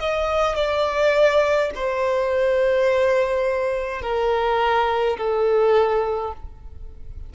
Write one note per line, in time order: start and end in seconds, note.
0.00 0.56 D#5
0.56 1.71 D5
1.75 4.02 C5
4.02 5.18 A#4
5.18 6.34 A4